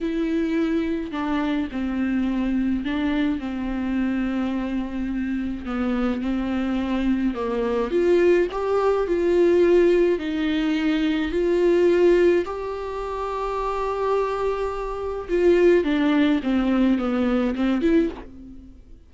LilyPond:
\new Staff \with { instrumentName = "viola" } { \time 4/4 \tempo 4 = 106 e'2 d'4 c'4~ | c'4 d'4 c'2~ | c'2 b4 c'4~ | c'4 ais4 f'4 g'4 |
f'2 dis'2 | f'2 g'2~ | g'2. f'4 | d'4 c'4 b4 c'8 e'8 | }